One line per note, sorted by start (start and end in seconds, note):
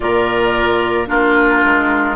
0.00 1.09 A#2
0.00 1.06 F4
0.00 1.08 A#4
0.00 1.07 D5
1.06 1.64 A#3
1.06 2.15 D4
1.06 2.16 F4
1.06 2.16 A#4
1.64 2.16 G#3